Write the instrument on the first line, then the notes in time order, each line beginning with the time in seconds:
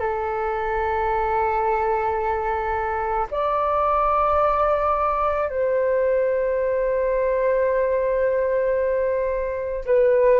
flute
0.00 A4
3.31 D5
5.49 C5
9.86 B4